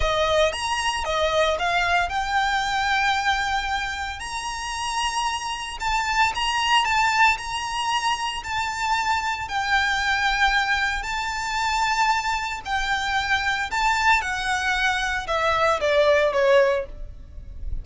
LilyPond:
\new Staff \with { instrumentName = "violin" } { \time 4/4 \tempo 4 = 114 dis''4 ais''4 dis''4 f''4 | g''1 | ais''2. a''4 | ais''4 a''4 ais''2 |
a''2 g''2~ | g''4 a''2. | g''2 a''4 fis''4~ | fis''4 e''4 d''4 cis''4 | }